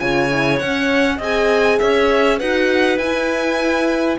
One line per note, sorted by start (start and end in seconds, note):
0.00 0.62 C#3
0.00 0.30 F4
0.00 1.17 C#5
0.00 0.59 G#5
0.30 0.60 E4
0.59 1.21 C#4
0.59 1.19 C#4
0.59 1.19 F#5
1.17 1.79 C4
1.17 2.41 G#4
1.17 1.77 D#5
1.24 1.79 G#5
1.79 2.41 C#4
1.79 2.38 C#5
1.79 2.39 E5
2.38 2.98 D#4
2.38 3.01 F#4
2.38 4.18 B4
2.38 2.98 F#5
2.98 4.18 E4
2.98 4.19 E4
2.98 4.18 G#5